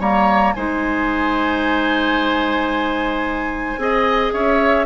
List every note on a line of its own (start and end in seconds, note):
0.00 0.54 G3
0.00 0.55 A#3
0.00 0.54 C#5
0.00 0.53 A#5
0.53 3.77 G#3
0.53 3.79 D#4
0.53 3.80 C5
0.53 4.32 G#5
3.77 4.32 C4
3.77 4.86 G#4
3.77 4.34 D#5
4.33 4.86 C#4
4.33 4.86 C#5
4.33 4.86 E5